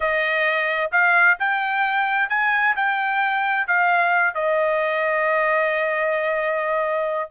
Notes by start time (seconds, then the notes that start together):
0.00 D#5
0.91 F5
1.39 G5
2.29 G#5
2.76 G5
3.67 F5
4.34 D#5